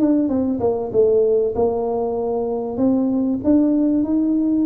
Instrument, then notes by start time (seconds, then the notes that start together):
tuba
0.00 D4
0.29 C4
0.60 A#3
0.93 A3
1.55 A#3
2.77 C4
3.44 D4
4.04 D#4